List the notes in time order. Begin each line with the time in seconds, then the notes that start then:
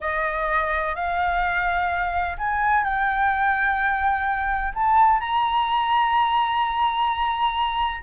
0.00 D#5
0.95 F5
2.38 G#5
2.84 G5
4.74 A5
5.19 A#5